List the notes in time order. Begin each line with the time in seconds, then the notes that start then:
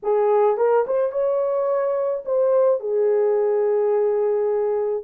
0.03 G#4
0.57 A#4
0.86 C5
1.11 C#5
2.25 C5
2.80 G#4